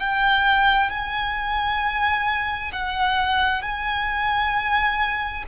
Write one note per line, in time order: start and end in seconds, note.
0.00 0.90 G5
0.90 2.72 G#5
2.72 3.62 F#5
3.62 5.44 G#5